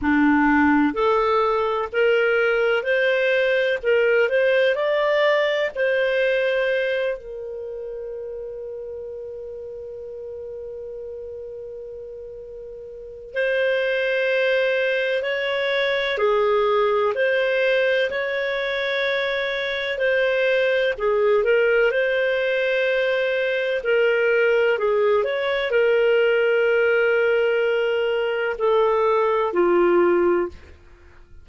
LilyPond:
\new Staff \with { instrumentName = "clarinet" } { \time 4/4 \tempo 4 = 63 d'4 a'4 ais'4 c''4 | ais'8 c''8 d''4 c''4. ais'8~ | ais'1~ | ais'2 c''2 |
cis''4 gis'4 c''4 cis''4~ | cis''4 c''4 gis'8 ais'8 c''4~ | c''4 ais'4 gis'8 cis''8 ais'4~ | ais'2 a'4 f'4 | }